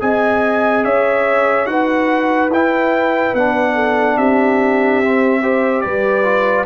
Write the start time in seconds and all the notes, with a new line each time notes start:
0.00 C4 G#4 D#5 G#5
0.84 C#4 C#5 E5
1.65 D#4 F#4 B4 F#5
2.49 E4 G5
3.34 B3 D4 F#5
3.74 A4
4.17 C4 G4 E5
5.03 C4
5.41 G4 C5
5.81 G3 B4 D5
6.24 F4